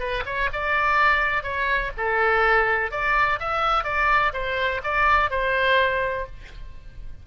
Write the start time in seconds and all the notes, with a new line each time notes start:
0.00 B4
0.26 C#5
0.53 D5
1.44 C#5
1.98 A4
2.92 D5
3.40 E5
3.85 D5
4.34 C5
4.84 D5
5.31 C5